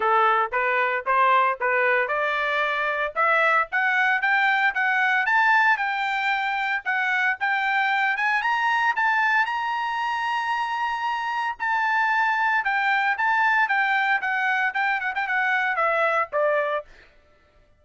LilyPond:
\new Staff \with { instrumentName = "trumpet" } { \time 4/4 \tempo 4 = 114 a'4 b'4 c''4 b'4 | d''2 e''4 fis''4 | g''4 fis''4 a''4 g''4~ | g''4 fis''4 g''4. gis''8 |
ais''4 a''4 ais''2~ | ais''2 a''2 | g''4 a''4 g''4 fis''4 | g''8 fis''16 g''16 fis''4 e''4 d''4 | }